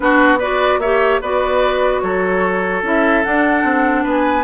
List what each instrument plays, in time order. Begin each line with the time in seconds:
0.00 bassoon B3, clarinet D4, oboe F#4, flute B4
0.38 clarinet F#4, oboe B4, flute D5
0.78 bassoon A#3, clarinet G4, oboe C#5, flute E5
1.21 bassoon B3, clarinet F#4, oboe B4, flute D5
2.00 bassoon F#3, oboe A4, flute C#5
2.82 bassoon C#4, clarinet E4, flute E5
3.23 clarinet D4, bassoon D4, flute F#5
3.63 bassoon C4
4.03 bassoon B3, oboe B4
4.09 flute G#5